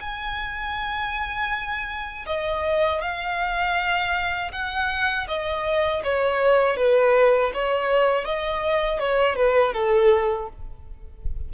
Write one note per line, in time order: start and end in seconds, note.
0.00 2.25 G#5
2.26 3.01 D#5
3.01 4.51 F5
4.51 5.26 F#5
5.27 6.02 D#5
6.03 6.76 C#5
6.76 7.51 B4
7.53 8.24 C#5
8.24 8.99 D#5
8.99 9.35 C#5
9.35 9.73 B4
9.73 10.48 A4